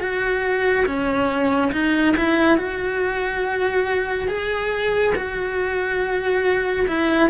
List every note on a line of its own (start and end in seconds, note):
0.00 0.86 F#4
0.86 1.72 C#4
1.72 2.15 D#4
2.17 2.58 E4
2.58 4.28 F#4
4.28 5.14 G#4
5.15 6.86 F#4
6.88 7.30 E4